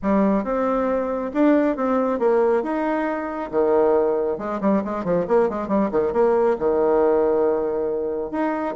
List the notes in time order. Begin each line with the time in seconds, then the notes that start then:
0.02 G3
0.44 C4
1.33 D4
1.76 C4
2.19 A#3
2.63 D#4
3.51 D#3
4.38 G#3
4.60 G3
4.84 G#3
5.04 F3
5.27 A#3
5.49 G#3
5.68 G3
5.91 D#3
6.12 A#3
6.58 D#3
8.31 D#4